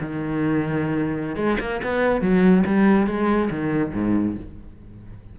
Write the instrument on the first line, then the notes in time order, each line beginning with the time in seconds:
cello
0.00 D#3
1.36 G#3
1.60 A#3
1.83 B3
2.21 F#3
2.66 G3
3.07 G#3
3.50 D#3
3.93 G#2